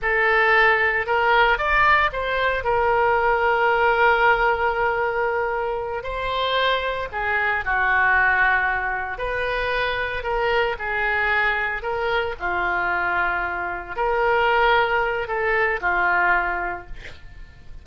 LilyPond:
\new Staff \with { instrumentName = "oboe" } { \time 4/4 \tempo 4 = 114 a'2 ais'4 d''4 | c''4 ais'2.~ | ais'2.~ ais'8 c''8~ | c''4. gis'4 fis'4.~ |
fis'4. b'2 ais'8~ | ais'8 gis'2 ais'4 f'8~ | f'2~ f'8 ais'4.~ | ais'4 a'4 f'2 | }